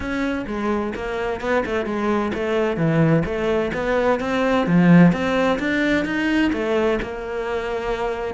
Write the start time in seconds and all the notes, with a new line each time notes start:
0.00 C#4
0.47 G#3
0.95 A#3
1.40 B3
1.65 A3
1.85 G#3
2.34 A3
2.76 E3
3.25 A3
3.73 B3
4.20 C4
4.66 F3
5.12 C4
5.59 D4
6.05 D#4
6.52 A3
7.01 A#3